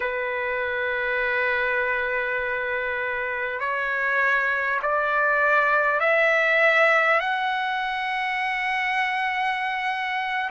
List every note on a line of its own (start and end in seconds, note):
0.00 3.60 B4
3.60 4.80 C#5
4.82 6.00 D5
6.00 7.19 E5
7.19 10.49 F#5